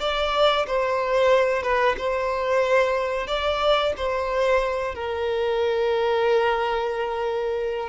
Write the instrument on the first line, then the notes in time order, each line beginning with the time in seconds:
violin
0.00 D5
0.67 C5
1.62 B4
1.97 C5
3.27 D5
3.97 C5
4.95 A#4